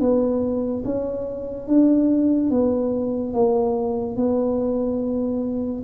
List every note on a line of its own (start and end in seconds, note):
0.00 0.83 B3
0.84 1.67 C#4
1.67 2.50 D4
2.50 3.33 B3
3.33 4.16 A#3
4.16 5.83 B3